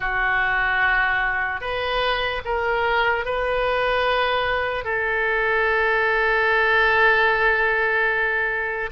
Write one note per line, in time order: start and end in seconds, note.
0.00 1.60 F#4
1.60 2.41 B4
2.44 3.25 A#4
3.25 4.84 B4
4.84 8.90 A4